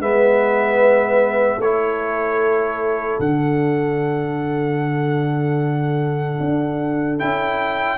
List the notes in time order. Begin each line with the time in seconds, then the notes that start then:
0.00 G#3 B3 B4 E5
1.58 A3 A4 C#5
1.65 E4
3.20 D3 D4 F#5
6.40 D4
7.19 C#4 E4 G5